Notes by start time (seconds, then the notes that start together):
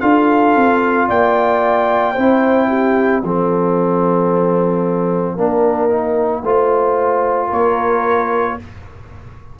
0.00 D4 F4 A4 F5
0.55 C4
1.07 A#3 D5 G5
2.12 C4 E4 C5
2.68 G4
3.23 F3 C4 A4 F5
5.35 A#3 D4 A#4
5.89 D#4
6.43 A3 F4 C5
7.48 A#3 A#4 C#5